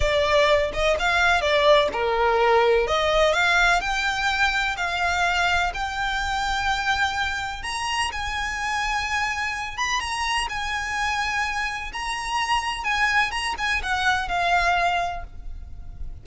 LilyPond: \new Staff \with { instrumentName = "violin" } { \time 4/4 \tempo 4 = 126 d''4. dis''8 f''4 d''4 | ais'2 dis''4 f''4 | g''2 f''2 | g''1 |
ais''4 gis''2.~ | gis''8 b''8 ais''4 gis''2~ | gis''4 ais''2 gis''4 | ais''8 gis''8 fis''4 f''2 | }